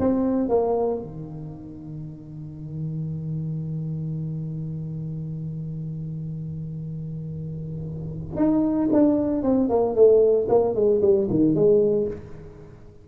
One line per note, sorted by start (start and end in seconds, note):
0.00 0.49 C4
0.49 1.02 A#3
1.02 8.37 D#3
8.37 8.89 D#4
8.93 9.43 D4
9.43 9.69 C4
9.69 9.95 A#3
9.95 10.48 A3
10.49 10.75 A#3
10.75 11.01 G#3
11.02 11.28 G3
11.30 11.55 D#3
11.55 12.08 G#3